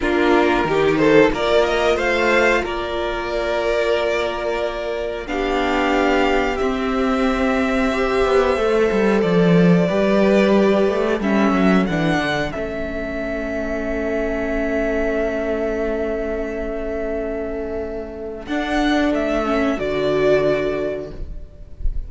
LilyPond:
<<
  \new Staff \with { instrumentName = "violin" } { \time 4/4 \tempo 4 = 91 ais'4. c''8 d''8 dis''8 f''4 | d''1 | f''2 e''2~ | e''2 d''2~ |
d''4 e''4 fis''4 e''4~ | e''1~ | e''1 | fis''4 e''4 d''2 | }
  \new Staff \with { instrumentName = "violin" } { \time 4/4 f'4 g'8 a'8 ais'4 c''4 | ais'1 | g'1 | c''2. b'4~ |
b'4 a'2.~ | a'1~ | a'1~ | a'1 | }
  \new Staff \with { instrumentName = "viola" } { \time 4/4 d'4 dis'4 f'2~ | f'1 | d'2 c'2 | g'4 a'2 g'4~ |
g'4 cis'4 d'4 cis'4~ | cis'1~ | cis'1 | d'4. cis'8 fis'2 | }
  \new Staff \with { instrumentName = "cello" } { \time 4/4 ais4 dis4 ais4 a4 | ais1 | b2 c'2~ | c'8 b8 a8 g8 f4 g4~ |
g8 a8 g8 fis8 e8 d8 a4~ | a1~ | a1 | d'4 a4 d2 | }
>>